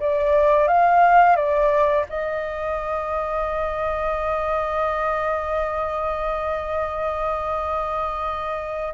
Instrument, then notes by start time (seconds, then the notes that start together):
flute
0.00 D5
0.68 F5
1.36 D5
2.10 D#5